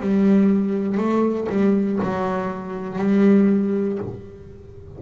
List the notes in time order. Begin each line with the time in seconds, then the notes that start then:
0.00 G3
0.97 A3
1.49 G3
2.02 F#3
2.99 G3